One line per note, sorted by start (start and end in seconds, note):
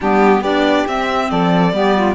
0.00 0.41 G3
0.00 0.44 B3
0.00 0.40 D4
0.00 0.43 G4
0.40 0.84 B3
0.40 0.87 D4
0.40 1.26 G4
0.40 0.86 D5
0.87 1.30 C4
0.87 1.73 C4
0.87 1.30 E5
1.30 1.72 F3
1.30 1.73 A4
1.30 2.14 D5
1.72 2.14 G3
1.72 2.14 B3
1.72 1.95 G4
1.95 2.14 F4